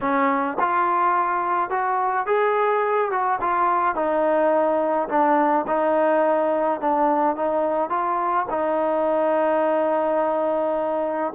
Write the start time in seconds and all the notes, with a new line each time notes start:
0.01 C#4
0.59 F4
1.70 F#4
2.26 G#4
3.11 F#4
3.40 F4
3.95 D#4
5.08 D4
5.67 D#4
6.80 D4
7.36 D#4
7.89 F4
8.50 D#4